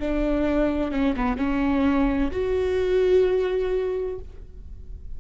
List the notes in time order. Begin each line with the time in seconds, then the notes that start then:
0.00 D4
0.92 C#4
1.17 B3
1.38 C#4
2.32 F#4